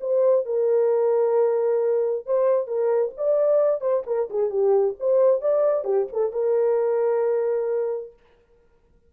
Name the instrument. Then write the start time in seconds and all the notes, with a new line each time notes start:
horn
0.00 C5
0.45 A#4
2.25 C5
2.67 A#4
3.17 D5
3.80 C5
4.06 A#4
4.30 G#4
4.49 G4
4.99 C5
5.41 D5
5.84 G4
6.12 A4
6.32 A#4